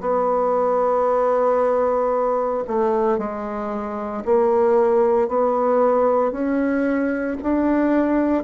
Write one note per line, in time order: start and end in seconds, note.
0.00 2.63 B3
2.67 3.18 A3
3.18 4.23 G#3
4.24 5.28 A#3
5.28 6.32 B3
6.32 7.37 C#4
7.42 8.43 D4